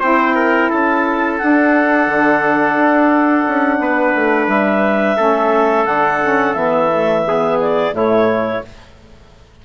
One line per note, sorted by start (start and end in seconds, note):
0.00 0.71 C4
0.00 1.39 E4
0.00 0.34 C5
0.00 0.70 G5
0.35 0.70 A#4
0.70 1.41 C#4
0.70 3.80 A4
0.70 1.38 A5
1.38 5.17 D4
1.38 2.07 D4
1.38 4.49 F#5
2.07 2.76 D3
2.76 3.45 D4
3.48 3.79 C#4
3.79 4.14 B3
3.79 5.17 B4
4.15 4.47 A3
4.47 5.16 G3
4.47 5.86 E5
5.17 5.86 A3
5.17 5.85 C#4
5.17 7.24 A4
5.85 6.54 D3
5.85 6.20 D4
5.85 6.54 F#5
6.23 6.56 C#4
6.54 7.92 E3
6.54 6.90 B3
6.54 7.58 E5
6.91 7.26 A3
7.27 7.92 B3
7.27 7.96 G#4
7.61 7.96 D5
7.92 8.62 A2
7.92 8.61 A3
7.92 8.65 E4
7.92 8.65 C#5